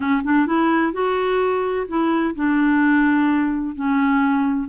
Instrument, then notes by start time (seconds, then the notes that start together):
clarinet
0.00 C#4
0.23 D4
0.46 E4
0.92 F#4
1.87 E4
2.35 D4
3.75 C#4